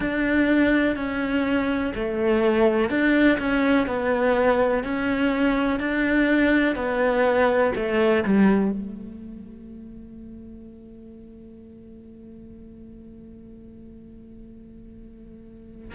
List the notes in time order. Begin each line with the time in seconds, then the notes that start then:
0.00 D4
0.95 C#4
1.95 A3
2.89 D4
3.38 C#4
3.87 B3
4.83 C#4
5.79 D4
6.75 B3
7.75 A3
8.24 G3
8.71 A3